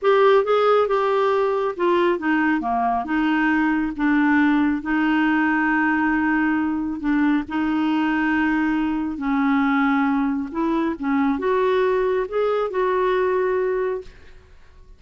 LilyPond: \new Staff \with { instrumentName = "clarinet" } { \time 4/4 \tempo 4 = 137 g'4 gis'4 g'2 | f'4 dis'4 ais4 dis'4~ | dis'4 d'2 dis'4~ | dis'1 |
d'4 dis'2.~ | dis'4 cis'2. | e'4 cis'4 fis'2 | gis'4 fis'2. | }